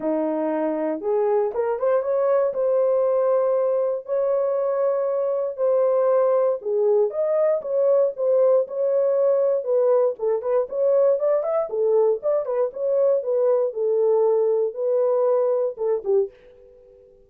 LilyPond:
\new Staff \with { instrumentName = "horn" } { \time 4/4 \tempo 4 = 118 dis'2 gis'4 ais'8 c''8 | cis''4 c''2. | cis''2. c''4~ | c''4 gis'4 dis''4 cis''4 |
c''4 cis''2 b'4 | a'8 b'8 cis''4 d''8 e''8 a'4 | d''8 b'8 cis''4 b'4 a'4~ | a'4 b'2 a'8 g'8 | }